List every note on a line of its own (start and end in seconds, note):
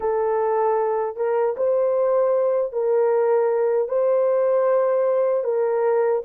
0.00 1.16 A4
1.16 1.55 A#4
1.56 2.72 C5
2.72 3.88 A#4
3.88 5.44 C5
5.44 6.22 A#4